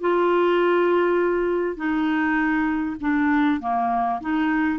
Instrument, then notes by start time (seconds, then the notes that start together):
clarinet
0.00 F4
1.76 D#4
3.00 D4
3.60 A#3
4.21 D#4